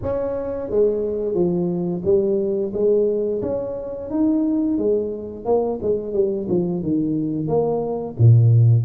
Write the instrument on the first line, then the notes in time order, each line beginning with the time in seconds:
tuba
0.02 C#4
0.69 G#3
1.34 F3
2.04 G3
2.73 G#3
3.42 C#4
4.10 D#4
4.77 G#3
5.45 A#3
5.81 G#3
6.13 G3
6.48 F3
6.82 D#3
7.47 A#3
8.18 A#2